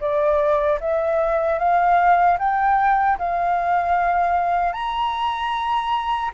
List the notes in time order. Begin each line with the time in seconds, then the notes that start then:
0.00 D5
0.80 E5
1.58 F5
2.39 G5
3.18 F5
4.73 A#5